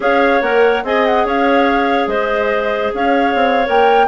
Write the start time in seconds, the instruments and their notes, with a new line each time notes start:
0.00 bassoon C#4, clarinet G#4 C#5, flute F5
0.41 bassoon A#3, clarinet A#4, flute F#5
0.83 bassoon C4, clarinet G#4 D#5, flute G#5
1.05 flute F#5
1.25 bassoon C#4, clarinet C#5, flute F5
2.07 bassoon G#3, clarinet C5, flute D#5
2.94 bassoon C#4, clarinet C#5, flute F5
3.34 bassoon C4
3.65 bassoon A#3, clarinet A#4, flute G5